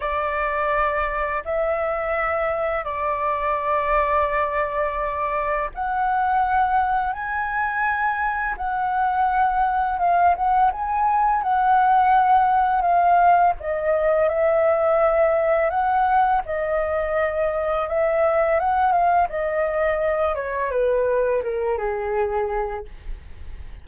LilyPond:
\new Staff \with { instrumentName = "flute" } { \time 4/4 \tempo 4 = 84 d''2 e''2 | d''1 | fis''2 gis''2 | fis''2 f''8 fis''8 gis''4 |
fis''2 f''4 dis''4 | e''2 fis''4 dis''4~ | dis''4 e''4 fis''8 f''8 dis''4~ | dis''8 cis''8 b'4 ais'8 gis'4. | }